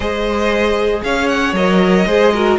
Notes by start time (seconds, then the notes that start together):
0.00 G#3 G#4 C5 D#5
1.03 C#4 C#5 F5
1.28 F#5
1.53 F#3 A#4 D#5
2.06 G#3 G#4 C5
2.33 F#4 A#4